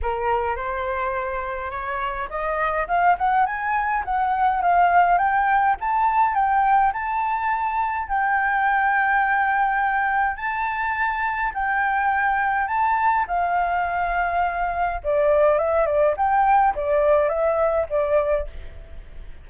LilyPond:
\new Staff \with { instrumentName = "flute" } { \time 4/4 \tempo 4 = 104 ais'4 c''2 cis''4 | dis''4 f''8 fis''8 gis''4 fis''4 | f''4 g''4 a''4 g''4 | a''2 g''2~ |
g''2 a''2 | g''2 a''4 f''4~ | f''2 d''4 e''8 d''8 | g''4 d''4 e''4 d''4 | }